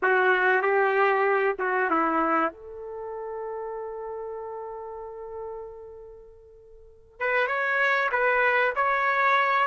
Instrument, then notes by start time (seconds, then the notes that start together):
trumpet
0.02 F#4
0.62 G4
1.58 F#4
1.89 E4
2.52 A4
7.19 B4
7.47 C#5
8.11 B4
8.75 C#5